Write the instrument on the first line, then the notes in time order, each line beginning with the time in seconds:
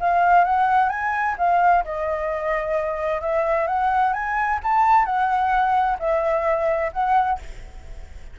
flute
0.00 F5
0.44 F#5
0.89 G#5
1.38 F5
1.84 D#5
3.21 E5
3.67 F#5
4.13 G#5
4.63 A5
5.05 F#5
5.99 E5
6.93 F#5